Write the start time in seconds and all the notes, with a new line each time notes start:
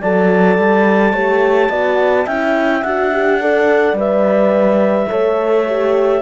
0.00 F#3 A4 D5 A5
0.58 G3
1.12 A3 G4 C#5
1.69 B3 F#4 D5
2.26 C#4 E4 E5 G5
2.82 D4 F#4 F#5
3.12 G4
3.41 A4 D5
3.93 G3 B4
3.99 E5
5.09 A3 A4 C#5
5.66 G4